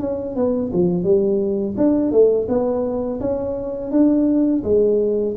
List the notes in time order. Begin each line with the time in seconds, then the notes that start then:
0.00 C#4
0.36 B3
0.73 F3
1.04 G3
1.77 D4
2.12 A3
2.49 B3
3.21 C#4
3.92 D4
4.64 G#3